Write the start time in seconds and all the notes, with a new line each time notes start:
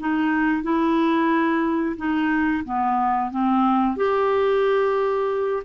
0.00 D#4
0.63 E4
1.98 D#4
2.65 B3
3.31 C4
3.97 G4